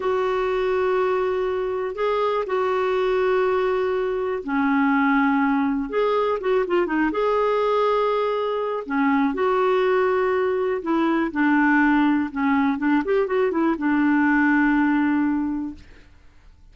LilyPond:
\new Staff \with { instrumentName = "clarinet" } { \time 4/4 \tempo 4 = 122 fis'1 | gis'4 fis'2.~ | fis'4 cis'2. | gis'4 fis'8 f'8 dis'8 gis'4.~ |
gis'2 cis'4 fis'4~ | fis'2 e'4 d'4~ | d'4 cis'4 d'8 g'8 fis'8 e'8 | d'1 | }